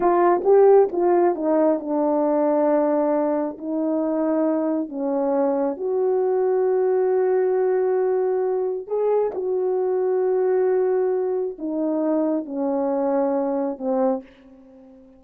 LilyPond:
\new Staff \with { instrumentName = "horn" } { \time 4/4 \tempo 4 = 135 f'4 g'4 f'4 dis'4 | d'1 | dis'2. cis'4~ | cis'4 fis'2.~ |
fis'1 | gis'4 fis'2.~ | fis'2 dis'2 | cis'2. c'4 | }